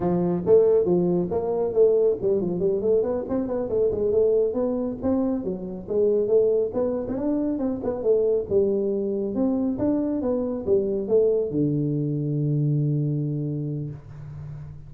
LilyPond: \new Staff \with { instrumentName = "tuba" } { \time 4/4 \tempo 4 = 138 f4 a4 f4 ais4 | a4 g8 f8 g8 a8 b8 c'8 | b8 a8 gis8 a4 b4 c'8~ | c'8 fis4 gis4 a4 b8~ |
b16 c'16 d'4 c'8 b8 a4 g8~ | g4. c'4 d'4 b8~ | b8 g4 a4 d4.~ | d1 | }